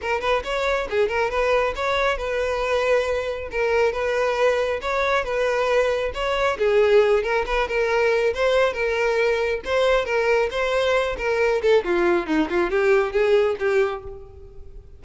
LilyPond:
\new Staff \with { instrumentName = "violin" } { \time 4/4 \tempo 4 = 137 ais'8 b'8 cis''4 gis'8 ais'8 b'4 | cis''4 b'2. | ais'4 b'2 cis''4 | b'2 cis''4 gis'4~ |
gis'8 ais'8 b'8 ais'4. c''4 | ais'2 c''4 ais'4 | c''4. ais'4 a'8 f'4 | dis'8 f'8 g'4 gis'4 g'4 | }